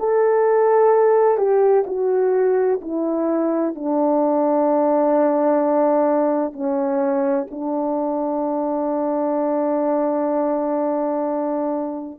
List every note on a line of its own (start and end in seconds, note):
0.00 1.38 A4
1.38 1.85 G4
1.87 2.81 F#4
2.82 3.75 E4
3.75 6.53 D4
6.53 7.47 C#4
7.51 12.20 D4